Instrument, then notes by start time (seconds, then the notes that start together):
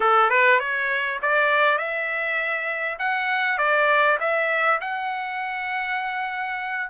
trumpet
0.00 A4
0.30 B4
0.59 C#5
1.22 D5
1.78 E5
2.98 F#5
3.58 D5
4.19 E5
4.80 F#5